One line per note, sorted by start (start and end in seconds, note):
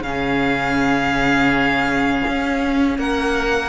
0.00 2.22 C#3
0.00 3.68 C#4
0.00 2.98 F5
0.07 2.99 G#4
2.28 2.98 C#4
2.98 3.68 A#3
2.98 3.68 A#4
2.98 3.68 F#5